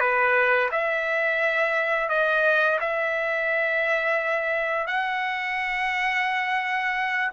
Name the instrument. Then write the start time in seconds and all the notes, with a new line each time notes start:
trumpet
0.00 B4
0.72 E5
2.09 D#5
2.81 E5
4.87 F#5